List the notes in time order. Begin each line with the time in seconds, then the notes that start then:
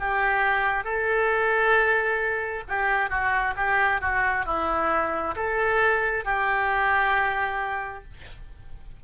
0.00 G4
0.85 A4
2.69 G4
3.10 F#4
3.57 G4
4.01 F#4
4.46 E4
5.36 A4
6.25 G4